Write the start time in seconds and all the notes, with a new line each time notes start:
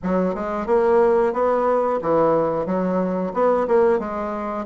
0.02 F#3
0.35 G#3
0.66 A#3
1.33 B3
2.02 E3
2.65 F#3
3.33 B3
3.67 A#3
3.98 G#3